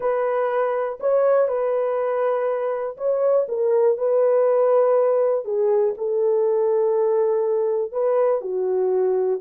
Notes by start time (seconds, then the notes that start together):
0.00 B4
0.99 C#5
1.48 B4
2.97 C#5
3.48 A#4
3.97 B4
5.44 G#4
5.97 A4
7.92 B4
8.41 F#4